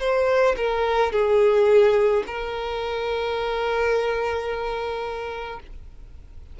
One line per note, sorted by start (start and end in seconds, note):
0.00 0.56 C5
0.57 1.12 A#4
1.13 2.24 G#4
2.27 5.60 A#4